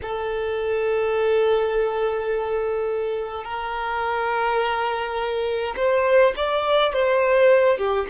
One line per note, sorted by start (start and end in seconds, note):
0.02 3.44 A4
3.44 5.74 A#4
5.76 6.34 C5
6.36 6.93 D5
6.93 7.77 C5
7.77 8.06 G4